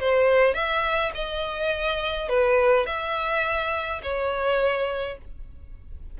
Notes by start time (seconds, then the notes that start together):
0.00 C5
0.54 E5
1.14 D#5
2.29 B4
2.86 E5
4.03 C#5